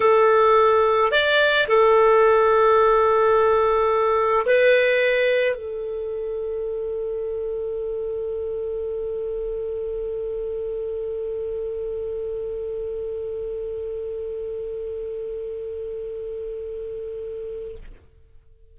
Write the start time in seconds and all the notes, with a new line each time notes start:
0.00 A4
1.11 D5
1.68 A4
4.45 B4
5.55 A4